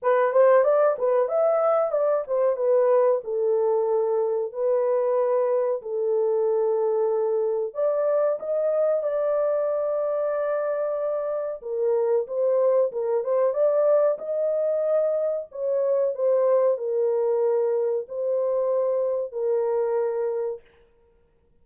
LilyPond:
\new Staff \with { instrumentName = "horn" } { \time 4/4 \tempo 4 = 93 b'8 c''8 d''8 b'8 e''4 d''8 c''8 | b'4 a'2 b'4~ | b'4 a'2. | d''4 dis''4 d''2~ |
d''2 ais'4 c''4 | ais'8 c''8 d''4 dis''2 | cis''4 c''4 ais'2 | c''2 ais'2 | }